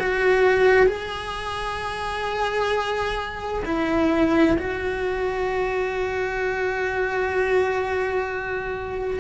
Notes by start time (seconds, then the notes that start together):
0.00 F#4
0.87 G#4
3.65 E4
4.59 F#4